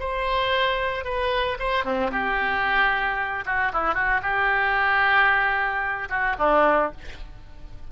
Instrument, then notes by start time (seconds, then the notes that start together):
oboe
0.00 C5
1.05 B4
1.60 C5
1.85 C4
2.12 G4
3.46 F#4
3.73 E4
3.95 F#4
4.23 G4
6.10 F#4
6.39 D4